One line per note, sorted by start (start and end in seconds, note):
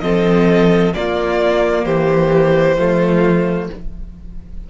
0.00 0.93 F3
0.00 0.94 C4
0.00 0.95 A4
0.00 0.92 D#5
0.94 2.78 A#3
0.94 1.86 A#3
0.94 1.85 F4
0.94 1.85 D5
1.85 2.77 E3
1.85 2.77 G4
1.85 3.69 C5
2.77 3.69 F3
2.77 3.70 A3
2.77 3.70 F4